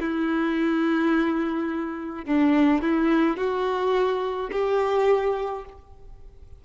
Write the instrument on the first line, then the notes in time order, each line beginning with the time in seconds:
violin
0.00 E4
2.26 D4
2.82 E4
3.38 F#4
4.52 G4